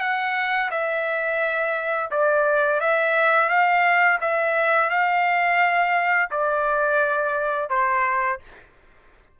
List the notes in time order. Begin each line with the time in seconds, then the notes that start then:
0.00 F#5
0.71 E5
2.11 D5
2.80 E5
3.49 F5
4.21 E5
4.90 F5
6.31 D5
7.70 C5